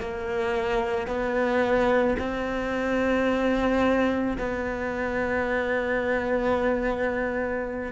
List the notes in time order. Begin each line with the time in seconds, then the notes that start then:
0.00 A#3
1.07 B3
2.19 C4
4.38 B3